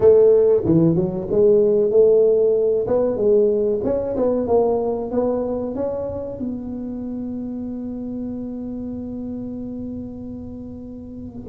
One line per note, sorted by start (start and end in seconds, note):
0.00 0.62 A3
0.65 0.95 E3
0.95 1.27 F#3
1.31 1.91 G#3
1.91 2.86 A3
2.87 3.16 B3
3.16 3.80 G#3
3.84 4.15 C#4
4.16 4.47 B3
4.47 5.11 A#3
5.11 5.74 B3
5.75 6.39 C#4
6.39 11.48 B3